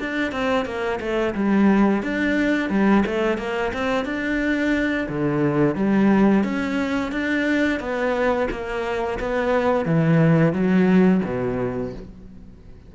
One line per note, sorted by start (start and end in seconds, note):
0.00 0.32 D4
0.32 0.66 C4
0.66 1.00 A#3
1.00 1.35 A3
1.35 2.03 G3
2.03 2.70 D4
2.70 3.04 G3
3.06 3.38 A3
3.38 3.72 A#3
3.73 4.05 C4
4.05 5.07 D4
5.09 5.76 D3
5.76 6.44 G3
6.44 7.12 C#4
7.12 7.80 D4
7.80 8.48 B3
8.51 9.19 A#3
9.20 9.85 B3
9.85 10.53 E3
10.53 11.21 F#3
11.25 11.93 B2